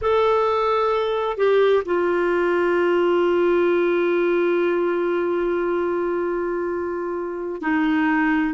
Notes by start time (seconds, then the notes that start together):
0.01 A4
1.37 G4
1.85 F4
7.62 D#4